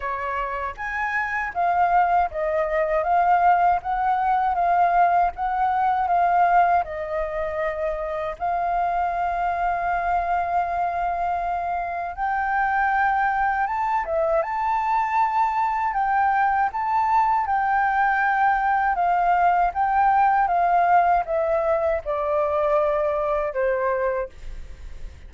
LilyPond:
\new Staff \with { instrumentName = "flute" } { \time 4/4 \tempo 4 = 79 cis''4 gis''4 f''4 dis''4 | f''4 fis''4 f''4 fis''4 | f''4 dis''2 f''4~ | f''1 |
g''2 a''8 e''8 a''4~ | a''4 g''4 a''4 g''4~ | g''4 f''4 g''4 f''4 | e''4 d''2 c''4 | }